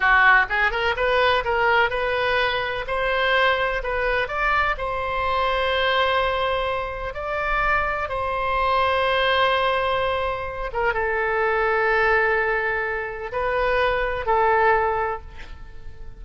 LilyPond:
\new Staff \with { instrumentName = "oboe" } { \time 4/4 \tempo 4 = 126 fis'4 gis'8 ais'8 b'4 ais'4 | b'2 c''2 | b'4 d''4 c''2~ | c''2. d''4~ |
d''4 c''2.~ | c''2~ c''8 ais'8 a'4~ | a'1 | b'2 a'2 | }